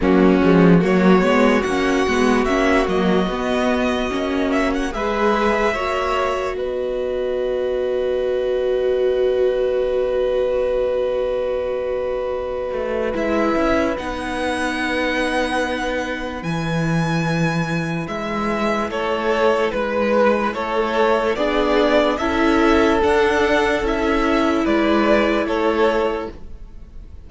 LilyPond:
<<
  \new Staff \with { instrumentName = "violin" } { \time 4/4 \tempo 4 = 73 fis'4 cis''4 fis''4 e''8 dis''8~ | dis''4. e''16 fis''16 e''2 | dis''1~ | dis''1 |
e''4 fis''2. | gis''2 e''4 cis''4 | b'4 cis''4 d''4 e''4 | fis''4 e''4 d''4 cis''4 | }
  \new Staff \with { instrumentName = "violin" } { \time 4/4 cis'4 fis'2.~ | fis'2 b'4 cis''4 | b'1~ | b'1~ |
b'1~ | b'2. a'4 | b'4 a'4 gis'4 a'4~ | a'2 b'4 a'4 | }
  \new Staff \with { instrumentName = "viola" } { \time 4/4 ais8 gis8 ais8 b8 cis'8 b8 cis'8 ais8 | b4 cis'4 gis'4 fis'4~ | fis'1~ | fis'1 |
e'4 dis'2. | e'1~ | e'2 d'4 e'4 | d'4 e'2. | }
  \new Staff \with { instrumentName = "cello" } { \time 4/4 fis8 f8 fis8 gis8 ais8 gis8 ais8 fis8 | b4 ais4 gis4 ais4 | b1~ | b2.~ b8 a8 |
gis8 cis'8 b2. | e2 gis4 a4 | gis4 a4 b4 cis'4 | d'4 cis'4 gis4 a4 | }
>>